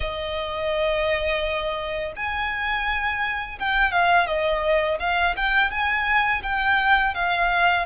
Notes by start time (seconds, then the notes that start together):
0.00 D#5
2.16 G#5
3.59 G5
3.91 F5
4.26 D#5
4.99 F5
5.36 G5
5.70 G#5
6.43 G5
7.14 F5